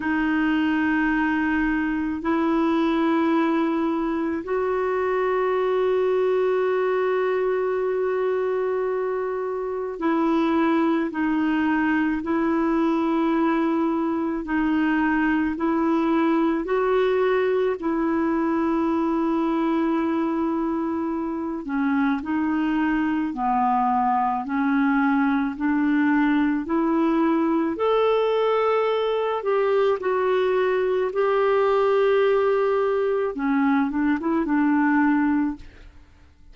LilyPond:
\new Staff \with { instrumentName = "clarinet" } { \time 4/4 \tempo 4 = 54 dis'2 e'2 | fis'1~ | fis'4 e'4 dis'4 e'4~ | e'4 dis'4 e'4 fis'4 |
e'2.~ e'8 cis'8 | dis'4 b4 cis'4 d'4 | e'4 a'4. g'8 fis'4 | g'2 cis'8 d'16 e'16 d'4 | }